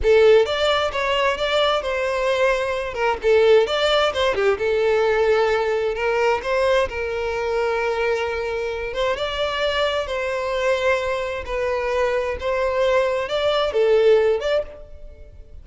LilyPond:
\new Staff \with { instrumentName = "violin" } { \time 4/4 \tempo 4 = 131 a'4 d''4 cis''4 d''4 | c''2~ c''8 ais'8 a'4 | d''4 c''8 g'8 a'2~ | a'4 ais'4 c''4 ais'4~ |
ais'2.~ ais'8 c''8 | d''2 c''2~ | c''4 b'2 c''4~ | c''4 d''4 a'4. d''8 | }